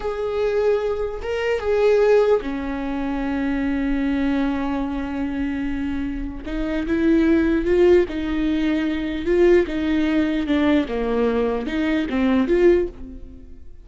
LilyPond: \new Staff \with { instrumentName = "viola" } { \time 4/4 \tempo 4 = 149 gis'2. ais'4 | gis'2 cis'2~ | cis'1~ | cis'1 |
dis'4 e'2 f'4 | dis'2. f'4 | dis'2 d'4 ais4~ | ais4 dis'4 c'4 f'4 | }